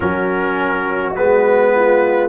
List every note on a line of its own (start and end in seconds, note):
0.00 1.15 F#3
0.00 1.15 C#4
0.00 1.73 F#4
0.00 1.13 A#4
1.15 2.29 G#3
1.15 2.29 B3
1.15 2.29 B4
1.75 2.29 F4